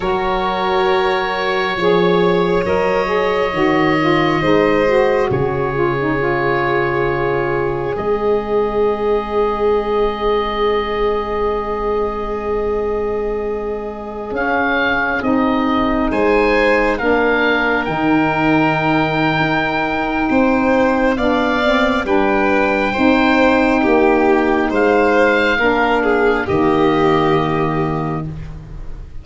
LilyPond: <<
  \new Staff \with { instrumentName = "oboe" } { \time 4/4 \tempo 4 = 68 cis''2. dis''4~ | dis''2 cis''2~ | cis''4 dis''2.~ | dis''1~ |
dis''16 f''4 dis''4 gis''4 f''8.~ | f''16 g''2.~ g''8. | f''4 g''2. | f''2 dis''2 | }
  \new Staff \with { instrumentName = "violin" } { \time 4/4 ais'2 cis''2~ | cis''4 c''4 gis'2~ | gis'1~ | gis'1~ |
gis'2~ gis'16 c''4 ais'8.~ | ais'2. c''4 | d''4 b'4 c''4 g'4 | c''4 ais'8 gis'8 g'2 | }
  \new Staff \with { instrumentName = "saxophone" } { \time 4/4 fis'2 gis'4 ais'8 gis'8 | fis'8 f'8 dis'8 fis'4 f'16 dis'16 f'4~ | f'4 c'2.~ | c'1~ |
c'16 cis'4 dis'2 d'8.~ | d'16 dis'2.~ dis'8. | d'8 c'8 d'4 dis'2~ | dis'4 d'4 ais2 | }
  \new Staff \with { instrumentName = "tuba" } { \time 4/4 fis2 f4 fis4 | dis4 gis4 cis2~ | cis4 gis2.~ | gis1~ |
gis16 cis'4 c'4 gis4 ais8.~ | ais16 dis4.~ dis16 dis'4 c'4 | b4 g4 c'4 ais4 | gis4 ais4 dis2 | }
>>